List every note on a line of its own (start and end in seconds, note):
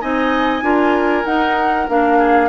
0.00 0.62 C4
0.00 0.62 D#4
0.00 0.63 D#5
0.00 1.25 G#5
0.62 1.24 D4
0.62 1.24 F4
0.62 2.18 A#4
1.25 1.87 D#4
1.25 1.88 D#4
1.25 1.87 F#5
1.88 2.49 A#3
1.88 2.49 D4
1.88 2.49 F5
2.18 2.49 G#4